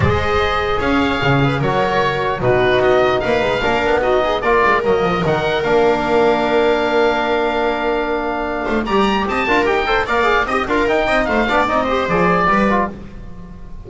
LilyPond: <<
  \new Staff \with { instrumentName = "oboe" } { \time 4/4 \tempo 4 = 149 dis''2 f''2 | cis''2 b'4 dis''4 | f''2 dis''4 d''4 | dis''4 fis''4 f''2~ |
f''1~ | f''2 ais''4 a''4 | g''4 f''4 dis''8 f''8 g''4 | f''4 dis''4 d''2 | }
  \new Staff \with { instrumentName = "viola" } { \time 4/4 c''2 cis''4. b'8 | ais'2 fis'2 | b'4 ais'4 fis'8 gis'8 ais'4~ | ais'1~ |
ais'1~ | ais'4. c''8 d''4 dis''8 ais'8~ | ais'8 c''8 d''4 dis''8 ais'4 dis''8 | c''8 d''4 c''4. b'4 | }
  \new Staff \with { instrumentName = "trombone" } { \time 4/4 gis'1 | fis'2 dis'2~ | dis'4 d'4 dis'4 f'4 | ais4 dis'4 d'2~ |
d'1~ | d'2 g'4. f'8 | g'8 a'8 ais'8 gis'8 g'8 f'8 dis'4~ | dis'8 d'8 dis'8 g'8 gis'4 g'8 f'8 | }
  \new Staff \with { instrumentName = "double bass" } { \time 4/4 gis2 cis'4 cis4 | fis2 b,4 b4 | ais8 gis8 ais8 b4. ais8 gis8 | fis8 f8 dis4 ais2~ |
ais1~ | ais4. a8 g4 c'8 d'8 | dis'4 ais4 c'8 d'8 dis'8 c'8 | a8 b8 c'4 f4 g4 | }
>>